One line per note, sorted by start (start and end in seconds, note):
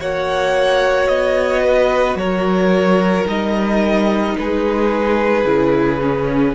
0.00 1.08 A#3
0.00 3.26 F#4
0.00 1.63 C#5
0.00 1.08 F#5
1.08 2.15 B3
1.08 2.17 D#5
1.63 2.18 B4
2.15 3.24 F#3
2.15 4.37 A#4
2.15 3.26 C#5
3.26 4.36 G3
3.26 5.44 D#4
3.26 4.37 D#5
4.38 5.45 G#3
4.38 6.55 G#4
4.38 6.55 B4
5.45 6.54 C#3
5.45 6.00 E4
6.02 6.55 C#4